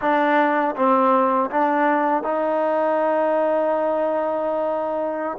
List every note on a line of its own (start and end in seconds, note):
0.01 0.75 D4
0.75 1.49 C4
1.50 2.23 D4
2.23 5.37 D#4